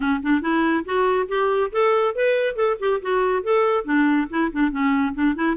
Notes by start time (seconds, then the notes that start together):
0.00 C#4
0.22 D4
0.41 E4
0.85 F#4
1.28 G4
1.72 A4
2.15 B4
2.55 A4
2.79 G4
3.01 F#4
3.43 A4
3.85 D4
4.30 E4
4.52 D4
4.71 C#4
5.14 D4
5.35 E4